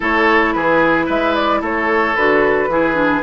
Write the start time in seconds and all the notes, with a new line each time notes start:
0.00 A3 E4 A4 C#5
0.52 E3 G#4 B4
1.06 G#3 B4 E5
1.34 D5
1.61 A3 A4 C#5
2.15 D3 F#4 B4
2.68 E3 E4 G#4
2.94 D4